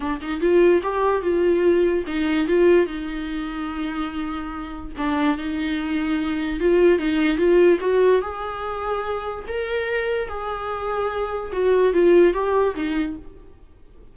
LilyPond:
\new Staff \with { instrumentName = "viola" } { \time 4/4 \tempo 4 = 146 d'8 dis'8 f'4 g'4 f'4~ | f'4 dis'4 f'4 dis'4~ | dis'1 | d'4 dis'2. |
f'4 dis'4 f'4 fis'4 | gis'2. ais'4~ | ais'4 gis'2. | fis'4 f'4 g'4 dis'4 | }